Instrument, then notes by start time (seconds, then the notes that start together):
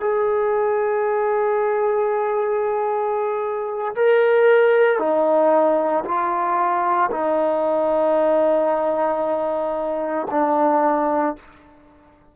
trombone
0.00 G#4
3.95 A#4
4.99 D#4
6.04 F4
7.11 D#4
10.30 D4